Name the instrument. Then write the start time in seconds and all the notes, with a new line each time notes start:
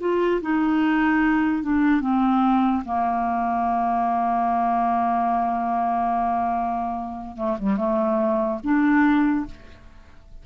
clarinet
0.00 F4
0.42 D#4
1.63 D4
2.01 C4
2.85 A#3
7.37 A3
7.59 G3
7.77 A3
8.64 D4